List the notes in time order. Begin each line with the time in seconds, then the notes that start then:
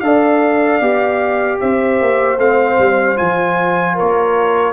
0.00 D4 A4 D5 F5
0.80 B3 G4
1.60 C4 C5 E5
2.00 A#3
2.37 A3 C4 F5
2.78 G3
3.16 F3 F4 G#5
3.94 A#4 C#5
4.00 A#3